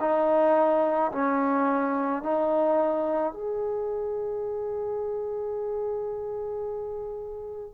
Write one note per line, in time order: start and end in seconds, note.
0.00 1.11 D#4
1.12 2.22 C#4
2.22 3.33 D#4
3.33 7.74 G#4